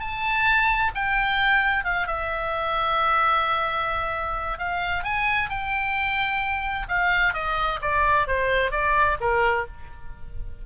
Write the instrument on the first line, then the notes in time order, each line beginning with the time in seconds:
oboe
0.00 A5
0.95 G5
1.85 F5
2.07 E5
4.58 F5
5.04 G#5
5.50 G5
6.88 F5
7.34 D#5
7.82 D5
8.27 C5
8.71 D5
9.20 A#4